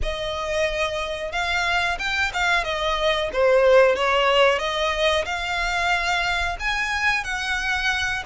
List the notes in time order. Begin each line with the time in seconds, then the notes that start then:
0.02 D#5
1.32 F5
1.98 G5
2.33 F5
2.64 D#5
3.33 C5
3.95 C#5
4.58 D#5
5.25 F5
6.59 G#5
7.24 F#5